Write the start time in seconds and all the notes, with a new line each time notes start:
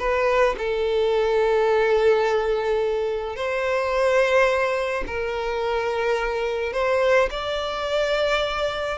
0.00 B4
0.58 A4
3.36 C5
5.07 A#4
6.73 C5
7.31 D5